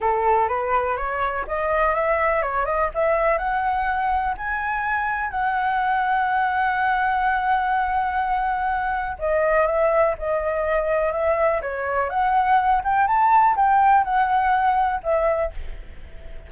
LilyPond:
\new Staff \with { instrumentName = "flute" } { \time 4/4 \tempo 4 = 124 a'4 b'4 cis''4 dis''4 | e''4 cis''8 dis''8 e''4 fis''4~ | fis''4 gis''2 fis''4~ | fis''1~ |
fis''2. dis''4 | e''4 dis''2 e''4 | cis''4 fis''4. g''8 a''4 | g''4 fis''2 e''4 | }